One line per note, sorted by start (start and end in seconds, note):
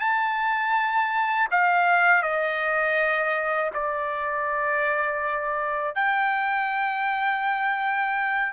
0.00 1.48 A5
1.51 2.23 F5
2.23 3.71 D#5
3.74 5.95 D5
5.95 8.53 G5